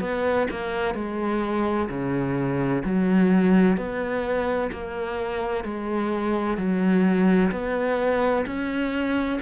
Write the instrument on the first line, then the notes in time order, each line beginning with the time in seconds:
cello
0.00 B3
0.50 A#3
0.94 G#3
1.89 C#3
2.84 F#3
3.77 B3
4.71 A#3
5.64 G#3
6.57 F#3
7.51 B3
8.45 C#4